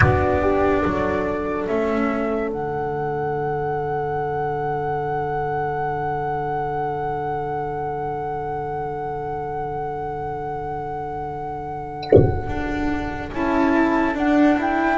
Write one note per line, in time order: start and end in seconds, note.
0.00 0.83 B3
0.00 1.68 D4
0.00 0.42 F#4
0.00 1.64 D5
0.42 0.83 G4
0.84 1.68 F#3
0.84 14.97 A4
1.67 2.51 A3
1.67 2.49 C#4
1.67 2.50 E5
2.49 12.47 D3
2.49 13.32 D4
2.49 13.33 F#5
12.47 13.31 D4
13.32 14.15 C#4
13.32 14.14 E4
13.32 14.16 A5
14.14 14.56 D4
14.14 14.97 D4
14.14 14.58 F#5
14.58 14.97 E4
14.58 14.97 G5